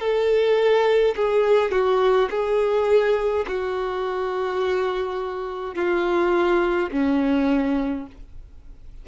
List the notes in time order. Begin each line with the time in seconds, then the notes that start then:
0.00 A4
1.16 G#4
1.72 F#4
2.30 G#4
3.47 F#4
5.75 F4
6.91 C#4